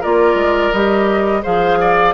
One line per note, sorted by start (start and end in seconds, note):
0.00 0.34 A#3
0.00 0.73 F4
0.00 1.41 A#4
0.00 0.72 D5
0.34 0.69 G#3
0.72 1.43 G3
0.72 1.43 G4
0.72 1.43 D#5
1.43 2.13 F3
1.43 2.13 G#4
1.43 1.78 C5
1.43 2.13 F5
1.80 2.13 D5